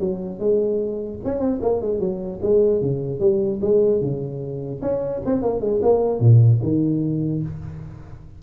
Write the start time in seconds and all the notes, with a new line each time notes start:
0.00 F#3
0.40 G#3
1.25 C#4
1.40 C4
1.62 A#3
1.82 G#3
2.00 F#3
2.43 G#3
2.82 C#3
3.20 G3
3.62 G#3
4.01 C#3
4.82 C#4
5.26 C4
5.43 A#3
5.61 G#3
5.83 A#3
6.20 A#2
6.63 D#3